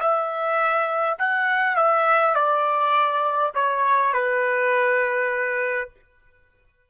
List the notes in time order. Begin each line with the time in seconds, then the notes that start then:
0.00 E5
1.19 F#5
1.76 E5
2.35 D5
3.55 C#5
4.13 B4